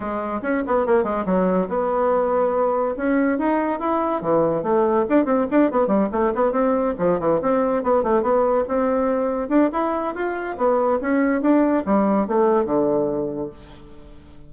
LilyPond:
\new Staff \with { instrumentName = "bassoon" } { \time 4/4 \tempo 4 = 142 gis4 cis'8 b8 ais8 gis8 fis4 | b2. cis'4 | dis'4 e'4 e4 a4 | d'8 c'8 d'8 b8 g8 a8 b8 c'8~ |
c'8 f8 e8 c'4 b8 a8 b8~ | b8 c'2 d'8 e'4 | f'4 b4 cis'4 d'4 | g4 a4 d2 | }